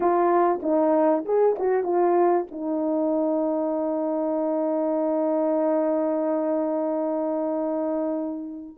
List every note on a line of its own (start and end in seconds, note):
0.00 0.60 F4
0.62 1.24 D#4
1.25 1.56 G#4
1.59 1.83 F#4
1.83 2.45 F4
2.51 8.76 D#4